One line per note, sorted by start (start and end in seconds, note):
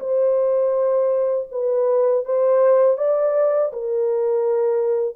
0.00 1.48 C5
1.52 2.25 B4
2.25 2.98 C5
2.98 3.72 D5
3.73 5.15 A#4